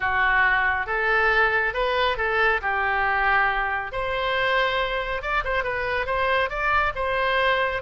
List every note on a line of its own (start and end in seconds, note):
0.00 0.86 F#4
0.86 1.73 A4
1.73 2.17 B4
2.17 2.60 A4
2.61 3.92 G4
3.92 5.22 C5
5.22 5.43 D5
5.44 5.63 C5
5.63 6.06 B4
6.06 6.49 C5
6.49 6.92 D5
6.95 7.82 C5